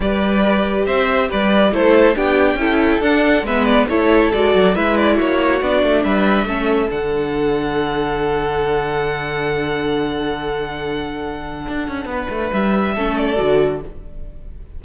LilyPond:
<<
  \new Staff \with { instrumentName = "violin" } { \time 4/4 \tempo 4 = 139 d''2 e''4 d''4 | c''4 g''2 fis''4 | e''8 d''8 cis''4 d''4 e''8 d''8 | cis''4 d''4 e''2 |
fis''1~ | fis''1~ | fis''1~ | fis''4 e''4. d''4. | }
  \new Staff \with { instrumentName = "violin" } { \time 4/4 b'2 c''4 b'4 | a'4 g'4 a'2 | b'4 a'2 b'4 | fis'2 b'4 a'4~ |
a'1~ | a'1~ | a'1 | b'2 a'2 | }
  \new Staff \with { instrumentName = "viola" } { \time 4/4 g'1 | e'4 d'4 e'4 d'4 | b4 e'4 fis'4 e'4~ | e'4 d'2 cis'4 |
d'1~ | d'1~ | d'1~ | d'2 cis'4 fis'4 | }
  \new Staff \with { instrumentName = "cello" } { \time 4/4 g2 c'4 g4 | a4 b4 cis'4 d'4 | gis4 a4 gis8 fis8 gis4 | ais4 b8 a8 g4 a4 |
d1~ | d1~ | d2. d'8 cis'8 | b8 a8 g4 a4 d4 | }
>>